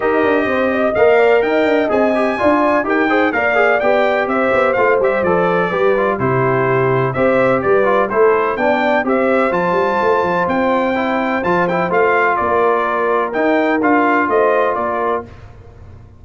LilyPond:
<<
  \new Staff \with { instrumentName = "trumpet" } { \time 4/4 \tempo 4 = 126 dis''2 f''4 g''4 | gis''2 g''4 f''4 | g''4 e''4 f''8 e''8 d''4~ | d''4 c''2 e''4 |
d''4 c''4 g''4 e''4 | a''2 g''2 | a''8 g''8 f''4 d''2 | g''4 f''4 dis''4 d''4 | }
  \new Staff \with { instrumentName = "horn" } { \time 4/4 ais'4 c''8 dis''4 d''8 dis''4~ | dis''4 d''4 ais'8 c''8 d''4~ | d''4 c''2. | b'4 g'2 c''4 |
b'4 a'4 d''4 c''4~ | c''1~ | c''2 ais'2~ | ais'2 c''4 ais'4 | }
  \new Staff \with { instrumentName = "trombone" } { \time 4/4 g'2 ais'2 | gis'8 g'8 f'4 g'8 gis'8 ais'8 gis'8 | g'2 f'8 g'8 a'4 | g'8 f'8 e'2 g'4~ |
g'8 f'8 e'4 d'4 g'4 | f'2. e'4 | f'8 e'8 f'2. | dis'4 f'2. | }
  \new Staff \with { instrumentName = "tuba" } { \time 4/4 dis'8 d'8 c'4 ais4 dis'8 d'8 | c'4 d'4 dis'4 ais4 | b4 c'8 b8 a8 g8 f4 | g4 c2 c'4 |
g4 a4 b4 c'4 | f8 g8 a8 f8 c'2 | f4 a4 ais2 | dis'4 d'4 a4 ais4 | }
>>